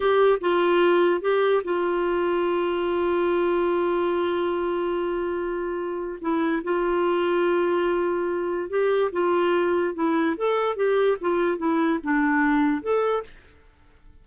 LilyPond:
\new Staff \with { instrumentName = "clarinet" } { \time 4/4 \tempo 4 = 145 g'4 f'2 g'4 | f'1~ | f'1~ | f'2. e'4 |
f'1~ | f'4 g'4 f'2 | e'4 a'4 g'4 f'4 | e'4 d'2 a'4 | }